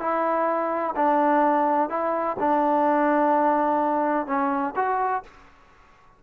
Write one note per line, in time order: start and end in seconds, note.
0.00 0.94 E4
0.96 1.89 D4
1.89 2.36 E4
2.39 4.27 D4
4.27 4.74 C#4
4.76 5.23 F#4